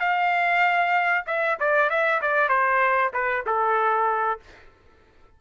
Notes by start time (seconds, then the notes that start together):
0.00 F5
1.27 E5
1.60 D5
1.90 E5
2.22 D5
2.49 C5
3.14 B4
3.46 A4